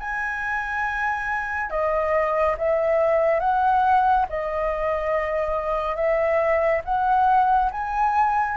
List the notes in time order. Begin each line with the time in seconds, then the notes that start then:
0.00 G#5
1.71 D#5
2.58 E5
3.40 F#5
4.30 D#5
5.96 E5
6.85 F#5
7.72 G#5